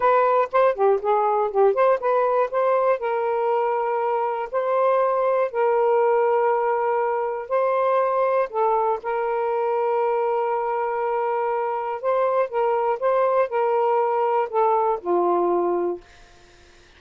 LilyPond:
\new Staff \with { instrumentName = "saxophone" } { \time 4/4 \tempo 4 = 120 b'4 c''8 g'8 gis'4 g'8 c''8 | b'4 c''4 ais'2~ | ais'4 c''2 ais'4~ | ais'2. c''4~ |
c''4 a'4 ais'2~ | ais'1 | c''4 ais'4 c''4 ais'4~ | ais'4 a'4 f'2 | }